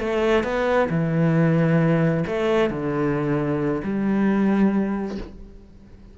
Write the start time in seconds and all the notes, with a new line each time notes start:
0.00 A3
0.44 B3
0.90 E3
2.27 A3
2.70 D3
3.84 G3